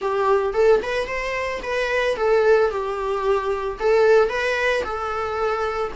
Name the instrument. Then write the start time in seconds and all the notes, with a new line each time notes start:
viola
0.01 G4
0.53 A4
0.82 B4
1.07 C5
1.62 B4
2.16 A4
2.70 G4
3.79 A4
4.29 B4
4.84 A4